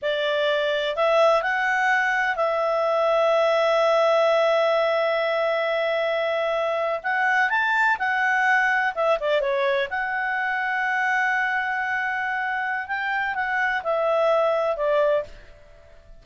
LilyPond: \new Staff \with { instrumentName = "clarinet" } { \time 4/4 \tempo 4 = 126 d''2 e''4 fis''4~ | fis''4 e''2.~ | e''1~ | e''2~ e''8. fis''4 a''16~ |
a''8. fis''2 e''8 d''8 cis''16~ | cis''8. fis''2.~ fis''16~ | fis''2. g''4 | fis''4 e''2 d''4 | }